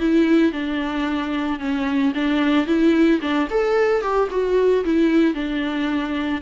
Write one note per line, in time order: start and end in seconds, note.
0.00 0.53 E4
0.53 1.60 D4
1.60 2.13 C#4
2.15 2.67 D4
2.67 3.21 E4
3.22 3.48 D4
3.50 4.02 A4
4.02 4.29 G4
4.31 4.85 F#4
4.85 5.34 E4
5.34 6.41 D4